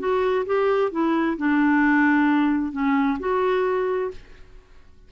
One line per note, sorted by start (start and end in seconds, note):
0.00 0.46 F#4
0.46 0.92 G4
0.92 1.38 E4
1.38 2.73 D4
2.73 3.19 C#4
3.20 4.12 F#4